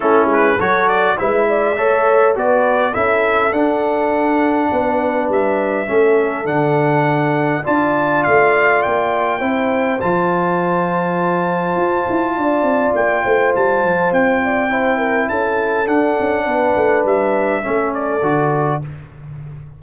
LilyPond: <<
  \new Staff \with { instrumentName = "trumpet" } { \time 4/4 \tempo 4 = 102 a'8 b'8 cis''8 d''8 e''2 | d''4 e''4 fis''2~ | fis''4 e''2 fis''4~ | fis''4 a''4 f''4 g''4~ |
g''4 a''2.~ | a''2 g''4 a''4 | g''2 a''4 fis''4~ | fis''4 e''4. d''4. | }
  \new Staff \with { instrumentName = "horn" } { \time 4/4 e'4 a'4 b'8 d''8 cis''4 | b'4 a'2. | b'2 a'2~ | a'4 d''2. |
c''1~ | c''4 d''4. c''4.~ | c''8 d''8 c''8 ais'8 a'2 | b'2 a'2 | }
  \new Staff \with { instrumentName = "trombone" } { \time 4/4 cis'4 fis'4 e'4 a'4 | fis'4 e'4 d'2~ | d'2 cis'4 d'4~ | d'4 f'2. |
e'4 f'2.~ | f'1~ | f'4 e'2 d'4~ | d'2 cis'4 fis'4 | }
  \new Staff \with { instrumentName = "tuba" } { \time 4/4 a8 gis8 fis4 gis4 a4 | b4 cis'4 d'2 | b4 g4 a4 d4~ | d4 d'4 a4 ais4 |
c'4 f2. | f'8 e'8 d'8 c'8 ais8 a8 g8 f8 | c'2 cis'4 d'8 cis'8 | b8 a8 g4 a4 d4 | }
>>